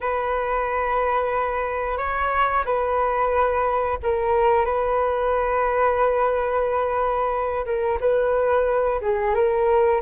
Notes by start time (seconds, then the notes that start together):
0.00 B4
1.97 C#5
2.65 B4
4.02 A#4
4.65 B4
7.65 A#4
8.00 B4
9.01 G#4
9.34 A#4